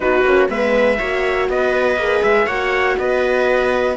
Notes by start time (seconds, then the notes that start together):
0.00 B3 D#4 F#4 B4
0.23 A#3 C#4
0.49 G#3 B3 B4 E5
0.98 A#3 F#4 C#5
1.49 B3 B4 D#5
1.95 A#3 G#4
2.22 G#3 E5
2.46 A#3 F#4 C#5 F#5
2.98 B3 B4 D#5